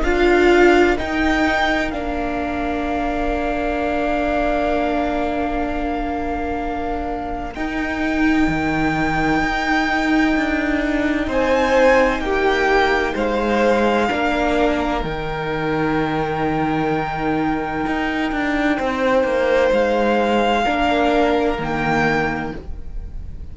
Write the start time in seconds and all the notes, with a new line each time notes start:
0.00 D4 F4 A#4 F5
0.97 D#4 G5
1.91 A#3 D4 F5
7.55 D#4 G5
8.48 D#3
9.42 D#4
10.36 D4
11.27 C4 C5 G#5
12.20 A#3 G4 G5
13.14 G#3 C5 F5
14.09 A#3 D4 A#4
15.01 D#3 D#4 G5
17.87 D#4
18.32 D4
18.77 C4 C5
19.24 A#3
19.72 G#3 F5
20.63 A#3 D4 A#4
21.59 D#3 A#3 G5